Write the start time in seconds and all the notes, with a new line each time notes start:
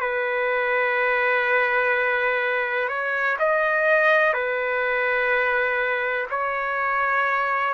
0.00 B4
2.89 C#5
3.39 D#5
4.33 B4
6.30 C#5